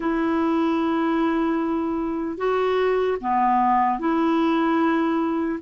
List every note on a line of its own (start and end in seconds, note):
0.00 2.37 E4
2.37 3.17 F#4
3.20 3.99 B3
3.99 5.59 E4